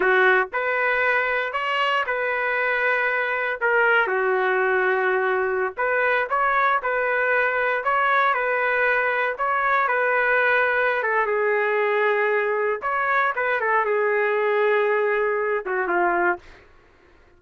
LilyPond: \new Staff \with { instrumentName = "trumpet" } { \time 4/4 \tempo 4 = 117 fis'4 b'2 cis''4 | b'2. ais'4 | fis'2.~ fis'16 b'8.~ | b'16 cis''4 b'2 cis''8.~ |
cis''16 b'2 cis''4 b'8.~ | b'4. a'8 gis'2~ | gis'4 cis''4 b'8 a'8 gis'4~ | gis'2~ gis'8 fis'8 f'4 | }